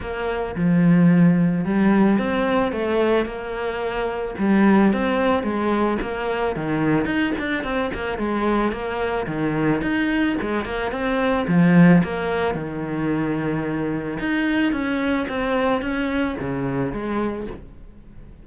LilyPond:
\new Staff \with { instrumentName = "cello" } { \time 4/4 \tempo 4 = 110 ais4 f2 g4 | c'4 a4 ais2 | g4 c'4 gis4 ais4 | dis4 dis'8 d'8 c'8 ais8 gis4 |
ais4 dis4 dis'4 gis8 ais8 | c'4 f4 ais4 dis4~ | dis2 dis'4 cis'4 | c'4 cis'4 cis4 gis4 | }